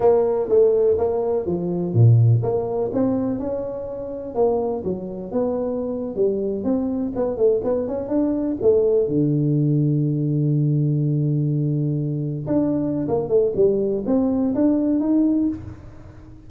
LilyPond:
\new Staff \with { instrumentName = "tuba" } { \time 4/4 \tempo 4 = 124 ais4 a4 ais4 f4 | ais,4 ais4 c'4 cis'4~ | cis'4 ais4 fis4 b4~ | b8. g4 c'4 b8 a8 b16~ |
b16 cis'8 d'4 a4 d4~ d16~ | d1~ | d4.~ d16 d'4~ d'16 ais8 a8 | g4 c'4 d'4 dis'4 | }